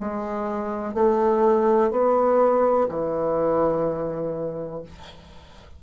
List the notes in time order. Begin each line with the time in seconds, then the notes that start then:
0.00 G#3
0.94 A3
1.91 B3
2.89 E3